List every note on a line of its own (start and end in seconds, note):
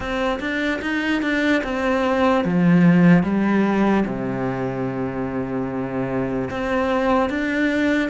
0.00 0.39 C4
0.39 0.80 D4
0.81 1.22 D#4
1.22 1.62 D4
1.63 2.44 C4
2.44 3.22 F3
3.22 4.04 G3
4.06 6.49 C3
6.50 7.29 C4
7.29 8.09 D4